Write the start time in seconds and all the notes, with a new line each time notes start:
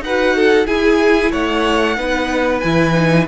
0.00 D#4 B4 F#5
0.06 F#4
0.35 A4
0.66 E4 G#4 G#5
1.31 A3 C#5 F#5
1.96 B3 D#4 B4
2.59 E3 E4 G#5
2.93 D#4